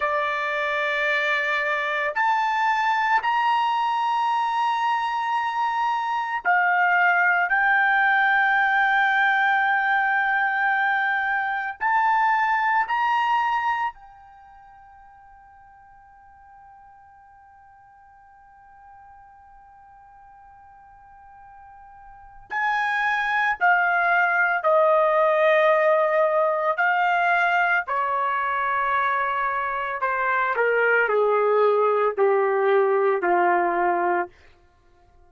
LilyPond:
\new Staff \with { instrumentName = "trumpet" } { \time 4/4 \tempo 4 = 56 d''2 a''4 ais''4~ | ais''2 f''4 g''4~ | g''2. a''4 | ais''4 g''2.~ |
g''1~ | g''4 gis''4 f''4 dis''4~ | dis''4 f''4 cis''2 | c''8 ais'8 gis'4 g'4 f'4 | }